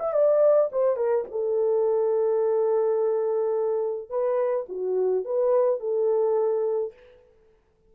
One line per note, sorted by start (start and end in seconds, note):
0.00 0.13 E5
0.13 0.70 D5
0.72 0.97 C5
0.97 1.25 A#4
1.31 4.10 A4
4.10 4.66 B4
4.69 5.25 F#4
5.25 5.80 B4
5.80 6.93 A4